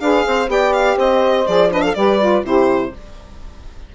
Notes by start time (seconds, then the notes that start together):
0.00 D4 G#4 B4 F5
0.26 C4 C5
0.46 B3 G4 D5 G5
0.73 F5
0.96 C4 C5 D#5
1.47 F3 G#4 D5
1.70 D4 B4 D#5
1.82 A4 F5
1.94 G3 G4 B4 D5
2.20 F4
2.43 C3 E4 G4 C5